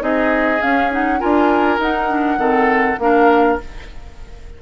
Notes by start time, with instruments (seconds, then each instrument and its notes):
0.00 bassoon C4, clarinet D#4, oboe G#4, flute D#5
0.61 clarinet C#4, bassoon C#4, flute F5
0.91 clarinet D#4, flute F#5
1.20 bassoon D4, clarinet F4, oboe A#4, flute G#5
1.79 bassoon D#4, clarinet D#4, flute F#5
2.09 clarinet D4
2.38 bassoon D#3, clarinet C4, oboe A4
2.99 bassoon A#3, clarinet D4, oboe A#4, flute F5